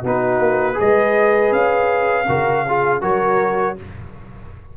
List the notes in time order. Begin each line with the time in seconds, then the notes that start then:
0.00 B3 D#4 F#4 B4
0.39 A#3
0.74 G#4 B4 D#5
0.80 G#3
1.51 C#4 F5
2.28 C#3 F#4 A#4
2.67 F4 G#4
3.01 F#3 F#4 A#4 C#5